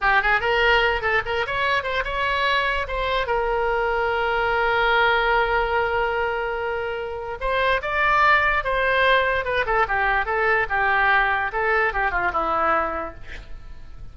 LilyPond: \new Staff \with { instrumentName = "oboe" } { \time 4/4 \tempo 4 = 146 g'8 gis'8 ais'4. a'8 ais'8 cis''8~ | cis''8 c''8 cis''2 c''4 | ais'1~ | ais'1~ |
ais'2 c''4 d''4~ | d''4 c''2 b'8 a'8 | g'4 a'4 g'2 | a'4 g'8 f'8 e'2 | }